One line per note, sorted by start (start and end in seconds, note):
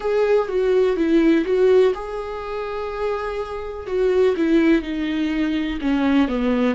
0.00 0.48 G#4
0.48 0.96 F#4
0.96 1.44 E4
1.45 1.93 F#4
1.94 3.87 G#4
3.87 4.35 F#4
4.36 4.82 E4
4.82 5.78 D#4
5.81 6.27 C#4
6.27 6.74 B3